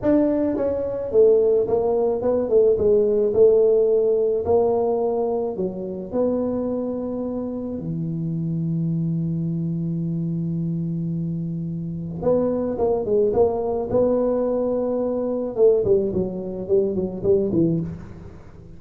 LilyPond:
\new Staff \with { instrumentName = "tuba" } { \time 4/4 \tempo 4 = 108 d'4 cis'4 a4 ais4 | b8 a8 gis4 a2 | ais2 fis4 b4~ | b2 e2~ |
e1~ | e2 b4 ais8 gis8 | ais4 b2. | a8 g8 fis4 g8 fis8 g8 e8 | }